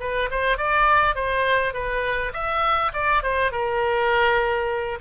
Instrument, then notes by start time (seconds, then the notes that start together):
oboe
0.00 B4
0.31 C5
0.58 D5
1.15 C5
1.73 B4
2.33 E5
2.93 D5
3.23 C5
3.52 A#4